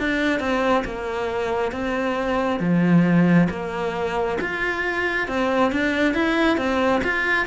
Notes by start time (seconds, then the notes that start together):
0.00 D4
0.40 C4
0.85 A#3
1.72 C4
2.60 F3
3.50 A#3
4.41 F4
5.28 C4
5.72 D4
6.14 E4
6.58 C4
7.04 F4